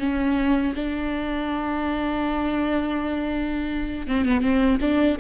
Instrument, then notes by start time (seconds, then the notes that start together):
viola
0.00 C#4
0.76 D4
4.08 C4
4.26 B3
4.41 C4
4.81 D4